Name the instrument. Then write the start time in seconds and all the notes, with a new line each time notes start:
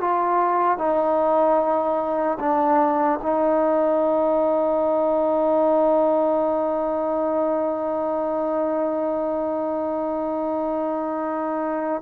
trombone
0.00 F4
0.77 D#4
2.39 D4
3.22 D#4